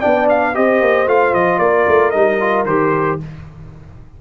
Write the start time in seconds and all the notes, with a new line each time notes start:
0.00 B3 D4 D5 G5
0.29 F5
0.54 C4 G4 C5 D#5
0.81 A#3
1.06 A3 F4 F5
1.33 F3 D#5
1.58 A#3 A#4 D5
1.87 A3
2.10 G3 D#4 D#5
2.40 F4
2.65 D#3 G4 C5